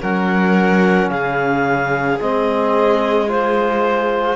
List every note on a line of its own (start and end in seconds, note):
0.00 1.10 F#3
0.00 2.18 C#4
0.00 1.10 A#4
0.00 1.09 F#5
1.09 2.19 C#3
1.09 4.36 G#4
1.09 2.18 F5
2.19 4.36 G#3
2.19 3.27 C4
2.19 3.29 D#5
3.27 4.36 F4
3.27 4.36 C5